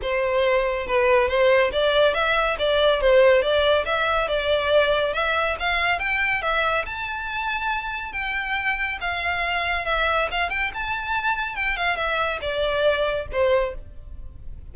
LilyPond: \new Staff \with { instrumentName = "violin" } { \time 4/4 \tempo 4 = 140 c''2 b'4 c''4 | d''4 e''4 d''4 c''4 | d''4 e''4 d''2 | e''4 f''4 g''4 e''4 |
a''2. g''4~ | g''4 f''2 e''4 | f''8 g''8 a''2 g''8 f''8 | e''4 d''2 c''4 | }